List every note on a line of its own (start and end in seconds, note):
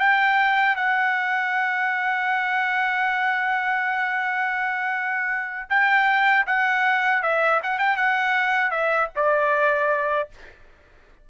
0.00 0.76 G5
0.76 5.70 F#5
5.70 6.46 G5
6.47 7.23 F#5
7.23 7.61 E5
7.63 7.79 F#5
7.79 7.97 G5
7.97 8.71 F#5
8.71 9.09 E5
9.16 10.30 D5